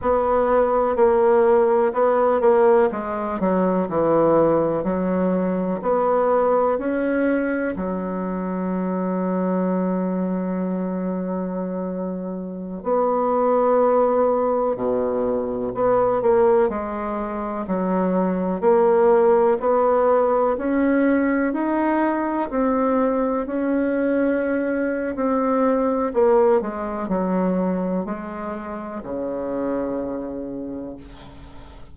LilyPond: \new Staff \with { instrumentName = "bassoon" } { \time 4/4 \tempo 4 = 62 b4 ais4 b8 ais8 gis8 fis8 | e4 fis4 b4 cis'4 | fis1~ | fis4~ fis16 b2 b,8.~ |
b,16 b8 ais8 gis4 fis4 ais8.~ | ais16 b4 cis'4 dis'4 c'8.~ | c'16 cis'4.~ cis'16 c'4 ais8 gis8 | fis4 gis4 cis2 | }